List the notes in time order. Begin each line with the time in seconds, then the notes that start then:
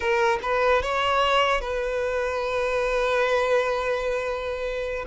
0.00 A#4
0.42 B4
0.82 C#5
1.60 B4